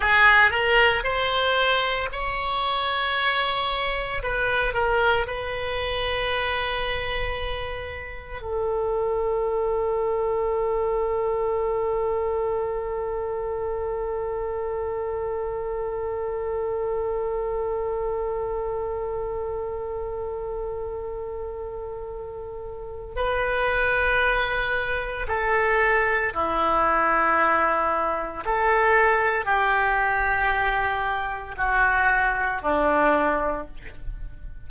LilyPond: \new Staff \with { instrumentName = "oboe" } { \time 4/4 \tempo 4 = 57 gis'8 ais'8 c''4 cis''2 | b'8 ais'8 b'2. | a'1~ | a'1~ |
a'1~ | a'2 b'2 | a'4 e'2 a'4 | g'2 fis'4 d'4 | }